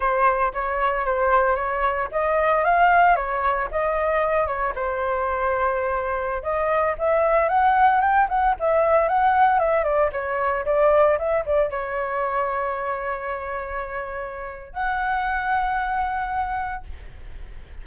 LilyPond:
\new Staff \with { instrumentName = "flute" } { \time 4/4 \tempo 4 = 114 c''4 cis''4 c''4 cis''4 | dis''4 f''4 cis''4 dis''4~ | dis''8 cis''8 c''2.~ | c''16 dis''4 e''4 fis''4 g''8 fis''16~ |
fis''16 e''4 fis''4 e''8 d''8 cis''8.~ | cis''16 d''4 e''8 d''8 cis''4.~ cis''16~ | cis''1 | fis''1 | }